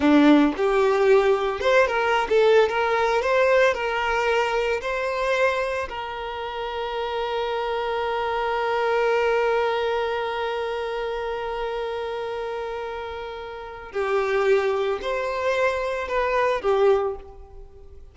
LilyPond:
\new Staff \with { instrumentName = "violin" } { \time 4/4 \tempo 4 = 112 d'4 g'2 c''8 ais'8~ | ais'16 a'8. ais'4 c''4 ais'4~ | ais'4 c''2 ais'4~ | ais'1~ |
ais'1~ | ais'1~ | ais'2 g'2 | c''2 b'4 g'4 | }